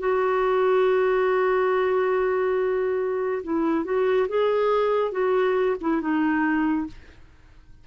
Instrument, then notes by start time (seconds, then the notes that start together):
clarinet
0.00 F#4
3.44 E4
3.85 F#4
4.29 G#4
5.12 F#4
5.81 E4
6.02 D#4